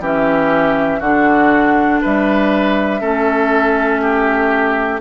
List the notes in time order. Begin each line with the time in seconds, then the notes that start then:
0.00 E3 C#4 G4 E5
1.00 D3 D4 F#4 F#5
2.02 G3 B4 E5
3.01 A3 C#4 A4
4.02 G4